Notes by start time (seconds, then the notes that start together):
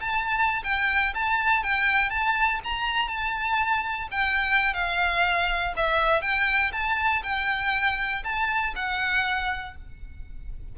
0.00 A5
0.63 G5
1.14 A5
1.63 G5
2.10 A5
2.64 A#5
3.08 A5
4.11 G5
4.73 F5
5.76 E5
6.21 G5
6.72 A5
7.23 G5
8.24 A5
8.75 F#5